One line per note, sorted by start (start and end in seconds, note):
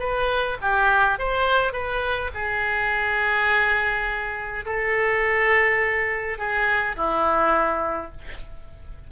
0.00 0.58 B4
0.62 1.19 G4
1.19 1.73 C5
1.73 2.31 B4
2.35 4.65 G#4
4.66 6.39 A4
6.39 6.97 G#4
6.97 8.12 E4